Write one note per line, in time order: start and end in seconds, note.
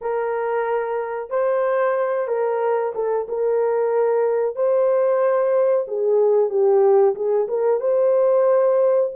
0.01 1.30 A#4
1.30 2.27 C5
2.27 2.93 A#4
2.94 3.27 A4
3.28 4.55 A#4
4.55 5.86 C5
5.87 6.49 G#4
6.49 7.14 G4
7.15 7.47 G#4
7.47 7.80 A#4
7.80 9.11 C5